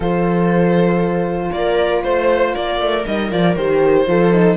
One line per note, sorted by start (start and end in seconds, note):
0.00 1.50 F3
0.00 3.02 F4
0.00 1.51 A4
0.00 1.51 C5
1.51 2.03 A#3
1.51 2.04 A#4
1.51 2.02 D5
2.03 2.55 A3
2.03 2.54 C5
2.03 2.53 C5
2.53 2.79 A#3
2.53 4.06 A#4
2.53 3.05 D5
2.79 3.05 A3
3.05 3.31 G3
3.05 3.30 D#4
3.05 3.31 D#5
3.30 3.55 F3
3.30 3.56 F4
3.30 3.56 D5
3.55 4.06 D#3
3.55 4.07 G4
3.55 4.56 C5
4.07 4.56 F3
4.07 4.31 F4
4.07 4.56 A4
4.31 4.56 D#4